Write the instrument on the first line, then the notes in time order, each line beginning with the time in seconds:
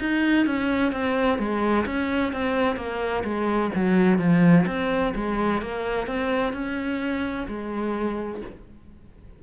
cello
0.00 D#4
0.46 C#4
0.92 C4
1.39 G#3
1.86 C#4
2.33 C4
2.77 A#3
3.24 G#3
3.75 F#3
4.19 F3
4.67 C4
5.15 G#3
5.62 A#3
6.07 C4
6.53 C#4
7.48 G#3